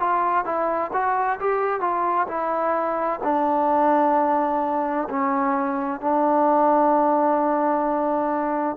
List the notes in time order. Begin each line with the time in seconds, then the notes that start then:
0.00 F4
0.45 E4
0.93 F#4
1.40 G4
1.81 F4
2.28 E4
3.23 D4
5.10 C#4
6.01 D4